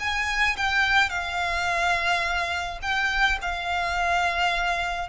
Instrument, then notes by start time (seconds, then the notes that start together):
violin
0.00 G#5
0.57 G5
1.10 F5
2.82 G5
3.42 F5